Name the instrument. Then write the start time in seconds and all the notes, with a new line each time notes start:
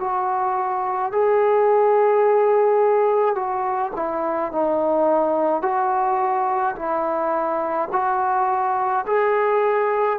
trombone
0.00 F#4
1.13 G#4
3.36 F#4
3.96 E4
4.52 D#4
5.62 F#4
6.76 E4
7.92 F#4
9.07 G#4